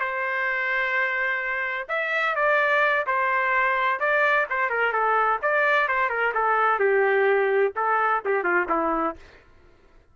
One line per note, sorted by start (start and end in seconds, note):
0.00 1.87 C5
1.89 2.35 E5
2.35 3.06 D5
3.07 4.00 C5
4.00 4.47 D5
4.50 4.70 C5
4.70 4.92 A#4
4.92 5.39 A4
5.42 5.88 D5
5.88 6.09 C5
6.09 6.33 A#4
6.34 6.79 A4
6.79 7.73 G4
7.76 8.23 A4
8.25 8.44 G4
8.44 8.67 F4
8.69 9.16 E4